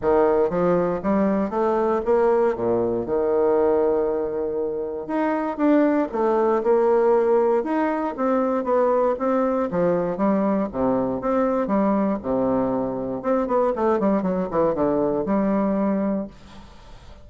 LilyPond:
\new Staff \with { instrumentName = "bassoon" } { \time 4/4 \tempo 4 = 118 dis4 f4 g4 a4 | ais4 ais,4 dis2~ | dis2 dis'4 d'4 | a4 ais2 dis'4 |
c'4 b4 c'4 f4 | g4 c4 c'4 g4 | c2 c'8 b8 a8 g8 | fis8 e8 d4 g2 | }